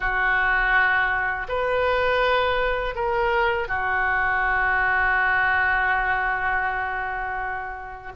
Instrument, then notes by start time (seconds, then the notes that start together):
oboe
0.00 F#4
1.48 B4
2.95 A#4
3.68 F#4